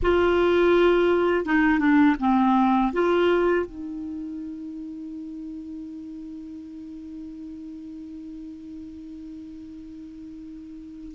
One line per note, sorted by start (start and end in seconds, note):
0.02 1.45 F4
1.45 1.79 D#4
1.79 2.16 D4
2.19 2.92 C4
2.93 3.66 F4
3.66 11.15 D#4